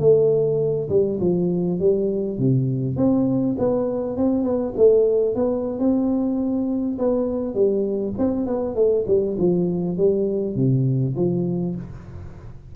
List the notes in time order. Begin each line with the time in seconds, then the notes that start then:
0.00 A3
0.89 G3
1.20 F3
1.80 G3
2.39 C3
2.96 C4
3.58 B3
4.17 C4
4.44 B3
4.77 A3
5.35 B3
5.79 C4
6.99 B3
7.54 G3
8.18 C4
8.47 B3
8.75 A3
9.07 G3
9.38 F3
9.97 G3
10.56 C3
11.16 F3